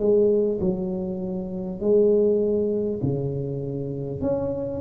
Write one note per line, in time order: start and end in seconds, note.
0.00 0.60 G#3
0.61 1.81 F#3
1.81 3.01 G#3
3.03 4.21 C#3
4.21 4.81 C#4